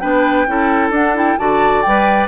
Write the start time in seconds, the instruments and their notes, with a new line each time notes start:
0.00 bassoon B3, clarinet D4, oboe B4, flute G5
0.48 bassoon C#4, clarinet E4, oboe A4
0.91 bassoon D4, clarinet D4, flute F#5
1.16 clarinet E4, flute G5
1.39 bassoon D3, clarinet F#4, oboe D5, flute A5
1.83 bassoon G3, clarinet B4, flute G5